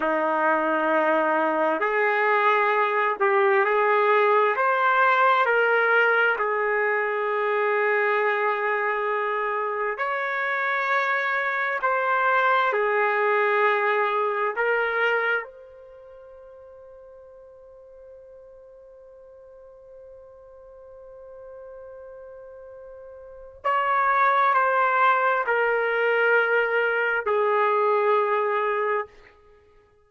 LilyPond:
\new Staff \with { instrumentName = "trumpet" } { \time 4/4 \tempo 4 = 66 dis'2 gis'4. g'8 | gis'4 c''4 ais'4 gis'4~ | gis'2. cis''4~ | cis''4 c''4 gis'2 |
ais'4 c''2.~ | c''1~ | c''2 cis''4 c''4 | ais'2 gis'2 | }